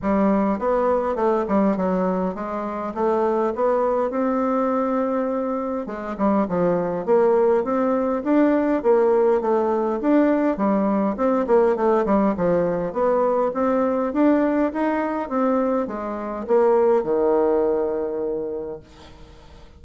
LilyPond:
\new Staff \with { instrumentName = "bassoon" } { \time 4/4 \tempo 4 = 102 g4 b4 a8 g8 fis4 | gis4 a4 b4 c'4~ | c'2 gis8 g8 f4 | ais4 c'4 d'4 ais4 |
a4 d'4 g4 c'8 ais8 | a8 g8 f4 b4 c'4 | d'4 dis'4 c'4 gis4 | ais4 dis2. | }